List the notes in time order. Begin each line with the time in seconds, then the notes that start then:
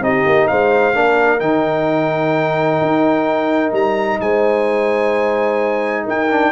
0.00 C4 D#4 G4 D#5
0.26 A#3
0.47 G#3 C5 F5
0.94 A#3 D4 A#4
1.39 D#3 D#4 G5
2.81 D#4
3.72 G3 A#5
4.20 G#3 C5 G#5
6.05 D#4 A#4 G5
6.31 D4